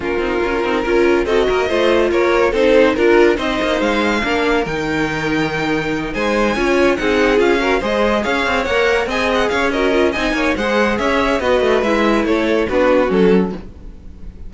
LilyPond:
<<
  \new Staff \with { instrumentName = "violin" } { \time 4/4 \tempo 4 = 142 ais'2. dis''4~ | dis''4 cis''4 c''4 ais'4 | dis''4 f''2 g''4~ | g''2~ g''8 gis''4.~ |
gis''8 fis''4 f''4 dis''4 f''8~ | f''8 fis''4 gis''8 fis''8 f''8 dis''4 | gis''4 fis''4 e''4 dis''4 | e''4 cis''4 b'4 a'4 | }
  \new Staff \with { instrumentName = "violin" } { \time 4/4 f'2 ais'4 a'8 ais'8 | c''4 ais'4 a'4 ais'4 | c''2 ais'2~ | ais'2~ ais'8 c''4 cis''8~ |
cis''8 gis'4. ais'8 c''4 cis''8~ | cis''4. dis''4 cis''8 ais'4 | dis''8 cis''8 c''4 cis''4 b'4~ | b'4 a'4 fis'2 | }
  \new Staff \with { instrumentName = "viola" } { \time 4/4 cis'8 dis'8 f'8 dis'8 f'4 fis'4 | f'2 dis'4 f'4 | dis'2 d'4 dis'4~ | dis'2.~ dis'8 f'8~ |
f'8 dis'4 f'8 fis'8 gis'4.~ | gis'8 ais'4 gis'4. fis'8 f'8 | dis'4 gis'2 fis'4 | e'2 d'4 cis'4 | }
  \new Staff \with { instrumentName = "cello" } { \time 4/4 ais8 c'8 cis'8 c'8 cis'4 c'8 ais8 | a4 ais4 c'4 d'4 | c'8 ais8 gis4 ais4 dis4~ | dis2~ dis8 gis4 cis'8~ |
cis'8 c'4 cis'4 gis4 cis'8 | c'8 ais4 c'4 cis'4. | c'8 ais8 gis4 cis'4 b8 a8 | gis4 a4 b4 fis4 | }
>>